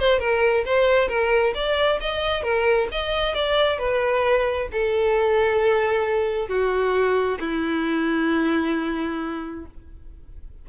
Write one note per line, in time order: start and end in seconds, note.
0.00 0.20 C5
0.20 0.65 A#4
0.66 1.09 C5
1.09 1.54 A#4
1.55 2.00 D5
2.01 2.43 D#5
2.43 2.89 A#4
2.92 3.35 D#5
3.35 3.79 D5
3.79 4.69 B4
4.72 6.49 A4
6.49 7.39 F#4
7.40 9.66 E4